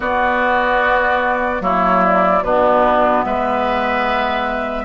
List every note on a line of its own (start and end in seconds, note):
0.00 1.60 B3
0.00 1.62 F#4
0.00 1.62 D5
1.60 2.42 F#3
1.60 2.42 A#3
1.60 2.43 E4
1.60 2.03 C#5
2.04 2.43 D5
2.42 3.23 B2
2.42 4.84 B3
2.42 3.25 D4
2.42 3.24 B4
3.24 4.84 G#3
3.24 4.84 B4
3.24 4.84 E5